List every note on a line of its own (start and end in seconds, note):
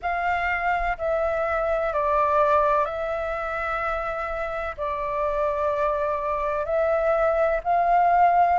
0.02 0.97 F5
0.98 1.93 E5
1.93 2.85 D5
2.85 4.75 E5
4.77 6.65 D5
6.65 7.60 E5
7.63 8.58 F5